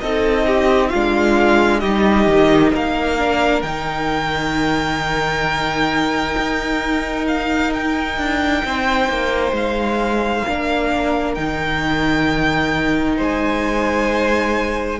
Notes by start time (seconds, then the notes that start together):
0.00 C4 D#4 A4 D#5
0.47 G4
0.89 G#3 D4 F4 F5
1.80 G3 D#4 G4 D#5
2.27 D#3
2.73 A#3 A#4 F5
3.19 D4
3.62 D#3 D#4 G5
6.37 D#4
7.28 F5
7.73 G5
8.17 D4
8.65 C4 C5
9.09 A#3
9.52 G#3 F5
10.46 A#3 D4 A#4
11.34 D#3 D#4 G5
13.17 G#3 C5 G#5